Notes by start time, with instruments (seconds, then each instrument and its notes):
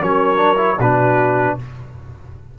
0.00 tuba F#3, trombone C#4, horn A#4, trumpet C#5
0.36 trombone D4
0.56 trombone E4
0.78 tuba B2, trombone D4, horn F#4, trumpet B4